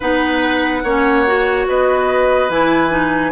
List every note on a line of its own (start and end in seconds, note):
0.00 0.83 B3
0.00 0.84 D#4
0.00 0.82 B4
0.00 1.67 F#5
0.83 1.67 A#3
0.83 1.26 C#4
0.83 1.67 C#5
1.26 2.50 F#4
1.67 2.49 B3
1.67 3.31 B4
1.67 2.50 D#5
2.49 3.31 E3
2.49 2.90 E4
2.49 3.31 G#5
2.90 3.31 D#4